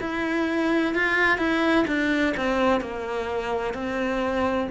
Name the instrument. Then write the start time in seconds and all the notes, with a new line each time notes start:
cello
0.00 E4
0.94 F4
1.38 E4
1.87 D4
2.37 C4
2.80 A#3
3.74 C4